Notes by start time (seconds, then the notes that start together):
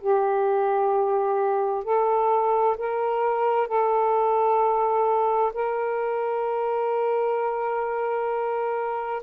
0.00 G4
1.84 A4
2.77 A#4
3.67 A4
5.53 A#4